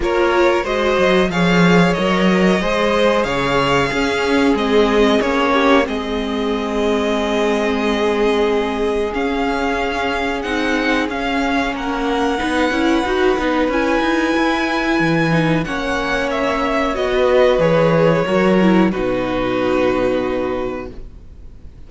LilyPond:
<<
  \new Staff \with { instrumentName = "violin" } { \time 4/4 \tempo 4 = 92 cis''4 dis''4 f''4 dis''4~ | dis''4 f''2 dis''4 | cis''4 dis''2.~ | dis''2 f''2 |
fis''4 f''4 fis''2~ | fis''4 gis''2. | fis''4 e''4 dis''4 cis''4~ | cis''4 b'2. | }
  \new Staff \with { instrumentName = "violin" } { \time 4/4 ais'4 c''4 cis''2 | c''4 cis''4 gis'2~ | gis'8 g'8 gis'2.~ | gis'1~ |
gis'2 ais'4 b'4~ | b'1 | cis''2~ cis''16 b'4.~ b'16 | ais'4 fis'2. | }
  \new Staff \with { instrumentName = "viola" } { \time 4/4 f'4 fis'4 gis'4 ais'4 | gis'2 cis'4 c'4 | cis'4 c'2.~ | c'2 cis'2 |
dis'4 cis'2 dis'8 e'8 | fis'8 dis'8 e'2~ e'8 dis'8 | cis'2 fis'4 gis'4 | fis'8 e'8 dis'2. | }
  \new Staff \with { instrumentName = "cello" } { \time 4/4 ais4 gis8 fis8 f4 fis4 | gis4 cis4 cis'4 gis4 | ais4 gis2.~ | gis2 cis'2 |
c'4 cis'4 ais4 b8 cis'8 | dis'8 b8 cis'8 dis'8 e'4 e4 | ais2 b4 e4 | fis4 b,2. | }
>>